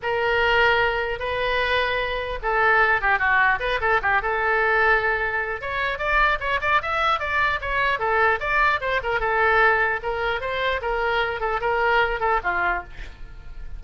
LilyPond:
\new Staff \with { instrumentName = "oboe" } { \time 4/4 \tempo 4 = 150 ais'2. b'4~ | b'2 a'4. g'8 | fis'4 b'8 a'8 g'8 a'4.~ | a'2 cis''4 d''4 |
cis''8 d''8 e''4 d''4 cis''4 | a'4 d''4 c''8 ais'8 a'4~ | a'4 ais'4 c''4 ais'4~ | ais'8 a'8 ais'4. a'8 f'4 | }